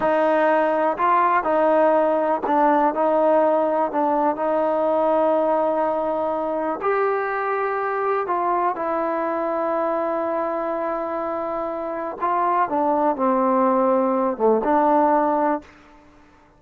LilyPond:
\new Staff \with { instrumentName = "trombone" } { \time 4/4 \tempo 4 = 123 dis'2 f'4 dis'4~ | dis'4 d'4 dis'2 | d'4 dis'2.~ | dis'2 g'2~ |
g'4 f'4 e'2~ | e'1~ | e'4 f'4 d'4 c'4~ | c'4. a8 d'2 | }